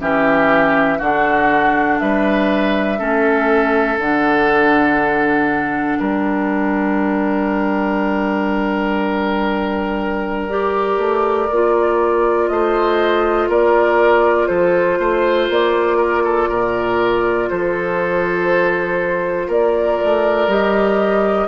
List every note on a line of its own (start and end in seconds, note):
0.00 1.00 E3
0.00 1.00 C#4
0.00 0.98 G4
0.00 0.99 E5
0.98 2.00 D3
0.98 2.98 D4
0.98 1.98 F#4
0.98 1.99 F#5
1.99 3.00 G3
1.99 2.99 B4
1.99 3.99 E5
2.98 3.98 A3
2.98 3.98 C#4
2.98 5.99 A4
3.98 5.98 D3
3.98 10.49 D4
3.98 5.99 F#5
5.99 10.98 G3
5.99 12.49 A#4
5.99 10.49 G5
10.49 11.49 G4
10.49 12.48 D5
10.98 11.48 A3
11.51 12.50 A#3
11.51 20.49 F4
12.48 13.48 A3
12.48 13.49 C5
12.48 13.48 D#5
13.48 14.48 A#3
13.48 14.48 A#4
13.48 14.47 D5
14.47 14.99 F3
14.47 14.98 A4
14.47 15.47 C5
14.99 15.49 A3
14.99 15.97 C5
15.49 16.49 A#3
15.49 17.50 D5
15.97 16.23 A#4
16.24 16.49 A4
16.49 17.50 A#2
16.49 17.49 A#4
17.50 19.48 F3
17.50 19.47 A4
17.50 19.50 C5
19.47 19.98 A#3
19.47 21.47 A#4
19.47 20.51 D5
20.04 20.48 A3
20.48 21.48 G3
20.48 21.48 G4
20.48 21.48 D#5